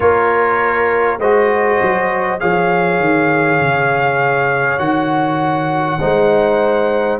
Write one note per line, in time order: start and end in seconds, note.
0.00 1.18 A#3
0.00 1.20 F4
0.00 1.20 A#4
0.00 1.19 C#5
1.18 1.78 G#3
1.18 2.39 F#4
1.18 2.40 C5
1.18 2.40 D#5
1.81 2.42 F#3
2.39 2.99 F3
2.39 4.79 G#4
2.39 5.99 C#5
2.39 4.79 F5
2.99 3.59 D#3
3.59 4.79 C#3
4.79 5.99 D#3
4.79 5.99 F#4
4.79 7.19 F#5
5.99 7.19 G#3
5.99 7.19 D#4
5.99 7.19 C5